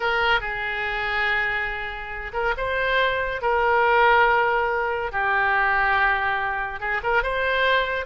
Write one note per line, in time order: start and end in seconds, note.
0.00 0.40 A#4
0.40 2.32 G#4
2.33 2.54 A#4
2.57 3.41 C5
3.41 5.11 A#4
5.11 6.79 G4
6.79 7.01 G#4
7.03 7.22 A#4
7.22 8.05 C5